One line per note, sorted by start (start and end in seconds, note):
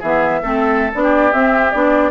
0.00 0.42 E3
0.00 0.43 B3
0.00 0.40 G#4
0.00 0.92 E5
0.43 0.93 A3
0.43 0.93 C4
0.43 1.03 A4
0.94 1.34 B3
0.94 1.33 D4
0.94 1.33 D5
1.03 2.11 G4
1.33 1.73 C4
1.33 1.74 C4
1.33 1.71 E5
1.71 2.11 B3
1.71 2.11 D4
1.71 2.11 D5